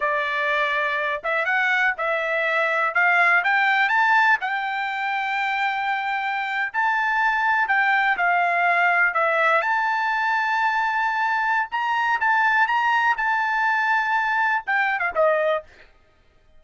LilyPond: \new Staff \with { instrumentName = "trumpet" } { \time 4/4 \tempo 4 = 123 d''2~ d''8 e''8 fis''4 | e''2 f''4 g''4 | a''4 g''2.~ | g''4.~ g''16 a''2 g''16~ |
g''8. f''2 e''4 a''16~ | a''1 | ais''4 a''4 ais''4 a''4~ | a''2 g''8. f''16 dis''4 | }